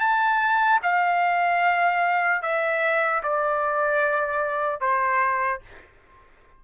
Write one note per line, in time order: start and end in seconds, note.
0.00 0.80 A5
0.83 2.43 F5
2.43 3.23 E5
3.24 4.81 D5
4.81 5.61 C5